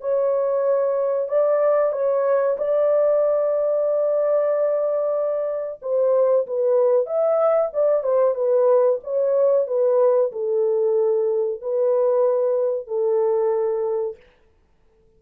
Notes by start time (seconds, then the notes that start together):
0.00 C#5
1.28 D5
1.92 C#5
2.57 D5
5.82 C5
6.46 B4
7.06 E5
7.73 D5
8.03 C5
8.34 B4
9.03 C#5
9.67 B4
10.32 A4
11.61 B4
12.87 A4